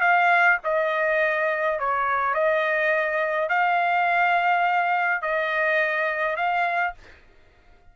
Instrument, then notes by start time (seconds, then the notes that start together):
trumpet
0.00 F5
0.63 D#5
1.79 C#5
2.34 D#5
3.49 F5
5.22 D#5
6.36 F5